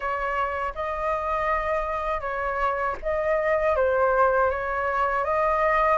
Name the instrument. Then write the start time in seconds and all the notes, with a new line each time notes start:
flute
0.00 C#5
0.75 D#5
2.20 C#5
3.02 D#5
3.76 C5
4.50 C#5
5.24 D#5